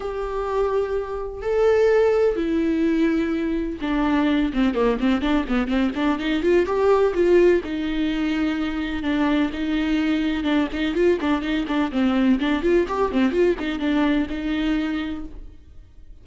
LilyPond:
\new Staff \with { instrumentName = "viola" } { \time 4/4 \tempo 4 = 126 g'2. a'4~ | a'4 e'2. | d'4. c'8 ais8 c'8 d'8 b8 | c'8 d'8 dis'8 f'8 g'4 f'4 |
dis'2. d'4 | dis'2 d'8 dis'8 f'8 d'8 | dis'8 d'8 c'4 d'8 f'8 g'8 c'8 | f'8 dis'8 d'4 dis'2 | }